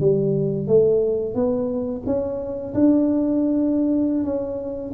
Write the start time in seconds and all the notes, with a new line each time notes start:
0.00 G3
0.67 A3
1.34 B3
2.06 C#4
2.74 D4
4.24 C#4